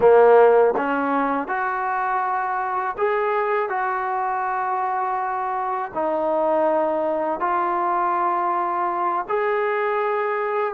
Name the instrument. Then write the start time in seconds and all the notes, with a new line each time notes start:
trombone
0.00 A#3
0.76 C#4
1.47 F#4
2.97 G#4
3.69 F#4
5.94 D#4
7.40 F4
9.28 G#4